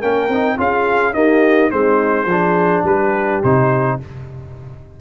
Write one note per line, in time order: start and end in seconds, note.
0.00 0.29 A#3
0.00 0.30 C#4
0.00 0.57 A#4
0.00 0.58 G5
0.29 0.57 C4
0.29 0.57 D#4
0.57 1.14 C#4
0.57 1.14 F4
0.57 1.14 G#4
0.57 1.14 F5
1.14 1.70 A#3
1.14 1.71 D#4
1.14 1.70 G4
1.14 1.70 D#5
1.70 2.25 G#3
1.70 2.27 C4
1.70 2.27 D#4
1.70 2.84 C5
2.25 2.82 F3
2.25 3.44 D4
2.31 2.84 G#4
2.83 3.40 G3
2.83 3.97 G4
2.83 3.42 B4
3.43 4.00 C3
3.43 4.01 D#4
3.43 4.00 C5